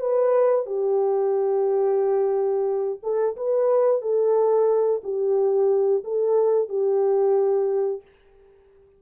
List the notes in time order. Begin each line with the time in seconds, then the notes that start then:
0.00 B4
0.66 G4
3.03 A4
3.36 B4
4.02 A4
5.04 G4
6.04 A4
6.69 G4